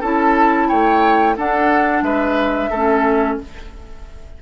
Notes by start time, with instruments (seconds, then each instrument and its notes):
0.00 bassoon C#4, clarinet E4, oboe A4, flute A5
0.68 bassoon A3, oboe C#5, flute G5
1.36 clarinet D4, bassoon D4, oboe A4, flute F#5
2.01 bassoon G#3, oboe B4, flute E5
2.70 bassoon A3, clarinet C#4, oboe A4